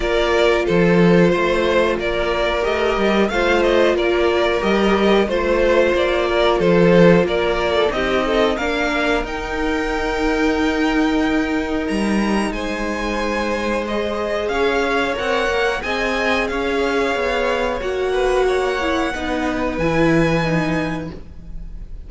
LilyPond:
<<
  \new Staff \with { instrumentName = "violin" } { \time 4/4 \tempo 4 = 91 d''4 c''2 d''4 | dis''4 f''8 dis''8 d''4 dis''4 | c''4 d''4 c''4 d''4 | dis''4 f''4 g''2~ |
g''2 ais''4 gis''4~ | gis''4 dis''4 f''4 fis''4 | gis''4 f''2 fis''4~ | fis''2 gis''2 | }
  \new Staff \with { instrumentName = "violin" } { \time 4/4 ais'4 a'4 c''4 ais'4~ | ais'4 c''4 ais'2 | c''4. ais'8 a'4 ais'8. a'16 | g'8 a'8 ais'2.~ |
ais'2. c''4~ | c''2 cis''2 | dis''4 cis''2~ cis''8 b'8 | cis''4 b'2. | }
  \new Staff \with { instrumentName = "viola" } { \time 4/4 f'1 | g'4 f'2 g'4 | f'1 | dis'4 d'4 dis'2~ |
dis'1~ | dis'4 gis'2 ais'4 | gis'2. fis'4~ | fis'8 e'8 dis'4 e'4 dis'4 | }
  \new Staff \with { instrumentName = "cello" } { \time 4/4 ais4 f4 a4 ais4 | a8 g8 a4 ais4 g4 | a4 ais4 f4 ais4 | c'4 ais4 dis'2~ |
dis'2 g4 gis4~ | gis2 cis'4 c'8 ais8 | c'4 cis'4 b4 ais4~ | ais4 b4 e2 | }
>>